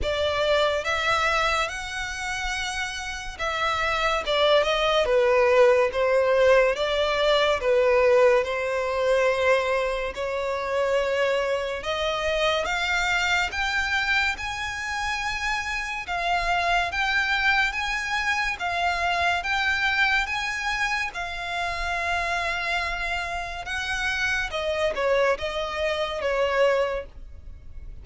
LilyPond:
\new Staff \with { instrumentName = "violin" } { \time 4/4 \tempo 4 = 71 d''4 e''4 fis''2 | e''4 d''8 dis''8 b'4 c''4 | d''4 b'4 c''2 | cis''2 dis''4 f''4 |
g''4 gis''2 f''4 | g''4 gis''4 f''4 g''4 | gis''4 f''2. | fis''4 dis''8 cis''8 dis''4 cis''4 | }